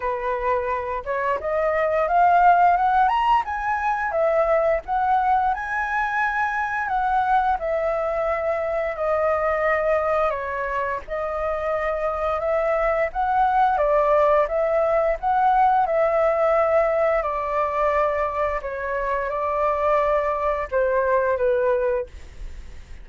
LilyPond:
\new Staff \with { instrumentName = "flute" } { \time 4/4 \tempo 4 = 87 b'4. cis''8 dis''4 f''4 | fis''8 ais''8 gis''4 e''4 fis''4 | gis''2 fis''4 e''4~ | e''4 dis''2 cis''4 |
dis''2 e''4 fis''4 | d''4 e''4 fis''4 e''4~ | e''4 d''2 cis''4 | d''2 c''4 b'4 | }